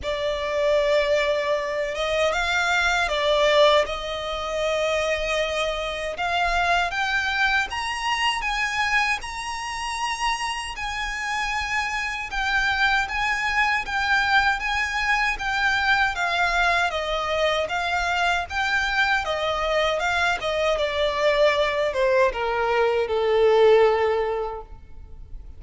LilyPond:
\new Staff \with { instrumentName = "violin" } { \time 4/4 \tempo 4 = 78 d''2~ d''8 dis''8 f''4 | d''4 dis''2. | f''4 g''4 ais''4 gis''4 | ais''2 gis''2 |
g''4 gis''4 g''4 gis''4 | g''4 f''4 dis''4 f''4 | g''4 dis''4 f''8 dis''8 d''4~ | d''8 c''8 ais'4 a'2 | }